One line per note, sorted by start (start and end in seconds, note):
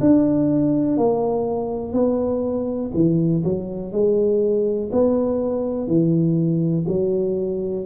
0.00 0.97 D4
0.97 1.93 A#3
1.93 2.91 B3
2.94 3.43 E3
3.44 3.92 F#3
3.92 4.90 G#3
4.92 5.87 B3
5.87 6.85 E3
6.88 7.85 F#3